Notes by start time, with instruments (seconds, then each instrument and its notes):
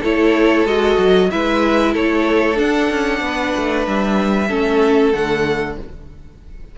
0.00 cello A3, viola E4, violin A4 C#5
0.65 cello G#3, viola F#4, violin D#5
0.97 cello F#3
1.30 cello G#3, viola E4, violin B4 E5
1.93 cello A3, violin A4 C#5
2.55 viola D4, cello D4, violin F#5
2.90 cello C#4
3.20 cello B3, violin B4
3.56 cello A3
3.87 cello G3, violin E5
4.48 cello A3, viola C#4, violin A4
5.13 cello D3, viola A3, violin F#5